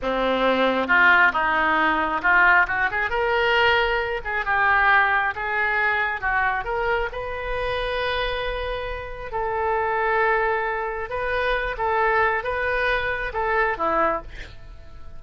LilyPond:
\new Staff \with { instrumentName = "oboe" } { \time 4/4 \tempo 4 = 135 c'2 f'4 dis'4~ | dis'4 f'4 fis'8 gis'8 ais'4~ | ais'4. gis'8 g'2 | gis'2 fis'4 ais'4 |
b'1~ | b'4 a'2.~ | a'4 b'4. a'4. | b'2 a'4 e'4 | }